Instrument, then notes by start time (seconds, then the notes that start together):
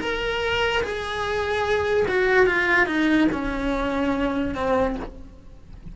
cello
0.00 A#4
0.83 G#4
2.08 F#4
2.47 F4
2.87 D#4
3.32 C#4
4.55 C4